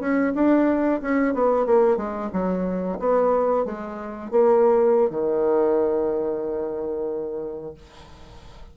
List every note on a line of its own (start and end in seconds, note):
0.00 0.33 C#4
0.35 1.01 D4
1.02 1.34 C#4
1.34 1.66 B3
1.66 1.97 A#3
1.97 2.30 G#3
2.33 2.99 F#3
2.99 3.65 B3
3.65 4.31 G#3
4.31 5.10 A#3
5.10 7.74 D#3